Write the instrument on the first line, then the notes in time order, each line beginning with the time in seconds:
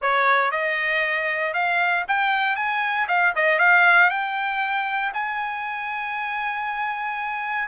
trumpet
0.01 C#5
0.51 D#5
1.53 F5
2.08 G5
2.55 G#5
3.08 F5
3.35 D#5
3.58 F5
4.10 G5
5.13 G#5